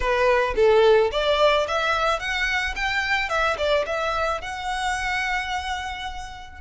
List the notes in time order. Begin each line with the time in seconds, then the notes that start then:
0.00 B4
0.55 A4
1.11 D5
1.67 E5
2.19 F#5
2.75 G5
3.29 E5
3.57 D5
3.86 E5
4.41 F#5